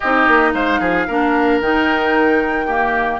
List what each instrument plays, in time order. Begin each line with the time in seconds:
0.00 bassoon C4, clarinet D#4, oboe G4, flute D#5
0.27 bassoon A#3
0.53 bassoon G#3, oboe C5, flute F5
0.80 bassoon F3, oboe G#4
1.07 bassoon A#3, clarinet D4, oboe A#4
1.60 bassoon D#3, clarinet D#4, flute G5
2.66 clarinet A#3, oboe G4